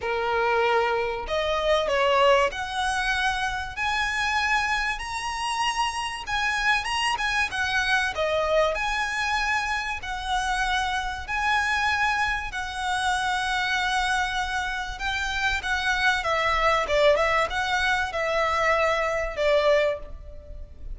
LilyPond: \new Staff \with { instrumentName = "violin" } { \time 4/4 \tempo 4 = 96 ais'2 dis''4 cis''4 | fis''2 gis''2 | ais''2 gis''4 ais''8 gis''8 | fis''4 dis''4 gis''2 |
fis''2 gis''2 | fis''1 | g''4 fis''4 e''4 d''8 e''8 | fis''4 e''2 d''4 | }